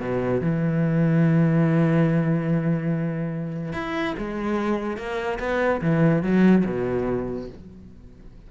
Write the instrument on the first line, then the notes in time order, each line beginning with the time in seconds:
cello
0.00 B2
0.41 E3
3.73 E4
4.18 G#3
4.97 A#3
5.40 B3
5.82 E3
6.23 F#3
6.66 B2